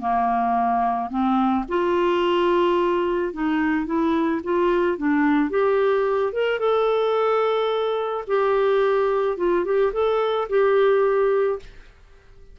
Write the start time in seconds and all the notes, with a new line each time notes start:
0.00 A#3
1.10 C4
1.68 F4
3.33 D#4
3.86 E4
4.44 F4
4.97 D4
5.50 G4
6.33 A#4
6.59 A4
8.27 G4
9.37 F4
9.65 G4
9.93 A4
10.49 G4